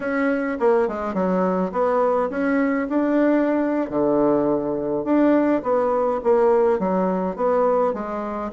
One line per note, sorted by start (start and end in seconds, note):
0.00 0.58 C#4
0.59 0.88 A#3
0.88 1.14 G#3
1.14 1.71 F#3
1.72 2.29 B3
2.29 2.87 C#4
2.89 3.90 D4
3.90 5.04 D3
5.04 5.62 D4
5.62 6.20 B3
6.23 6.79 A#3
6.79 7.36 F#3
7.36 7.93 B3
7.93 8.51 G#3